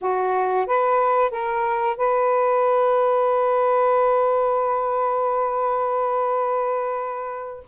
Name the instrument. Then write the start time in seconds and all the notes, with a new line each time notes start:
saxophone
0.01 F#4
0.66 B4
1.30 A#4
1.97 B4